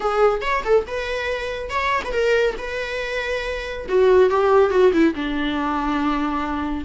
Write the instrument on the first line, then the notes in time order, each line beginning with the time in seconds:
viola
0.00 G#4
0.41 C#5
0.64 A4
0.87 B4
1.69 C#5
2.04 B4
2.12 A#4
2.58 B4
3.88 F#4
4.30 G4
4.70 F#4
4.92 E4
5.14 D4